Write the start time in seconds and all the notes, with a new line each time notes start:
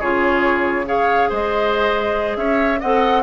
0.00 C#3 F4 G#4 C#5
0.86 G#4 C#5 F5
1.30 G#3 C5 D#5
2.37 C#4 C#5 E5
2.81 C4 A4 D#5 F#5